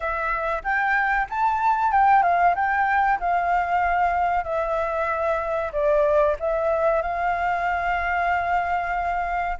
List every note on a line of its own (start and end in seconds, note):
0.00 0.62 E5
0.63 1.27 G5
1.29 1.91 A5
1.91 2.23 G5
2.23 2.54 F5
2.55 3.19 G5
3.19 4.44 F5
4.44 5.71 E5
5.72 6.36 D5
6.39 7.02 E5
7.02 9.57 F5